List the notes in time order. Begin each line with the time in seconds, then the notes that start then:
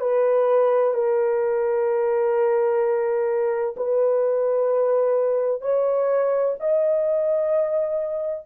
0.00 B4
0.93 A#4
3.76 B4
5.61 C#5
6.59 D#5